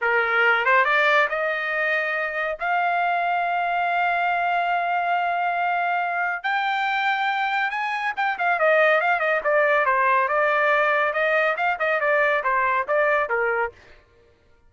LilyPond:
\new Staff \with { instrumentName = "trumpet" } { \time 4/4 \tempo 4 = 140 ais'4. c''8 d''4 dis''4~ | dis''2 f''2~ | f''1~ | f''2. g''4~ |
g''2 gis''4 g''8 f''8 | dis''4 f''8 dis''8 d''4 c''4 | d''2 dis''4 f''8 dis''8 | d''4 c''4 d''4 ais'4 | }